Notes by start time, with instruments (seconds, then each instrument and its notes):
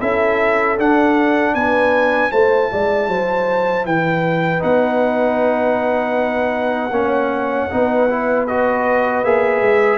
0.00 tuba C#4, trombone E4, horn A4, trumpet E5
0.79 tuba D4, trombone D4, trumpet F#5
1.55 tuba B3, horn B4, trumpet G#5
2.31 tuba A3, trombone E4, horn C5, trumpet A5
2.72 tuba G#3, horn D5
3.08 tuba F#3, horn C5
3.85 tuba E3, horn B4, trumpet G5
4.60 tuba B3, trombone D#4, trumpet F#5
6.91 tuba A#3, trombone C#4
6.97 horn C#5
7.71 tuba B3, trombone D#4, horn B4
8.10 trombone E4
8.47 trombone F#4, trumpet D#5
9.24 tuba A#3, trombone G#4, trumpet E5
9.61 tuba G#3